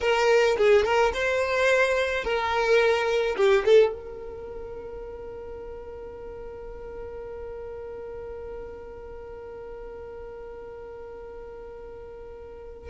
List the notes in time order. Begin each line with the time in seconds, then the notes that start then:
0.00 A#4
0.57 G#4
0.84 A#4
1.13 C5
2.24 A#4
3.36 G4
3.65 A4
3.93 A#4